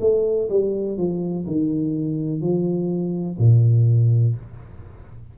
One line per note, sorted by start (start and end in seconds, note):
0.00 0.48 A3
0.49 0.97 G3
0.97 1.46 F3
1.46 2.41 D#3
2.41 3.37 F3
3.38 4.35 A#2